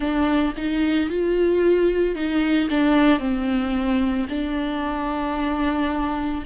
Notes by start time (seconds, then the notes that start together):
0.00 D4
0.56 D#4
1.09 F4
2.15 D#4
2.70 D4
3.19 C4
4.29 D4